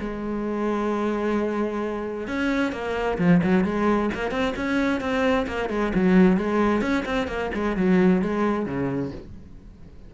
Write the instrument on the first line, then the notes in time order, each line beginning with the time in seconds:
cello
0.00 G#3
2.28 C#4
2.72 A#3
3.18 F3
3.43 F#3
3.65 G#3
4.14 A#3
4.31 C4
4.56 C#4
5.01 C4
5.47 A#3
5.70 G#3
5.95 F#3
6.37 G#3
6.82 C#4
7.06 C4
7.28 A#3
7.54 G#3
7.77 F#3
8.22 G#3
8.66 C#3